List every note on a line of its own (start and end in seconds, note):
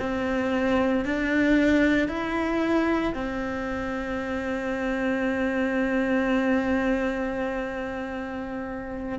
0.00 1.05 C4
1.05 2.09 D4
2.09 3.14 E4
3.15 9.19 C4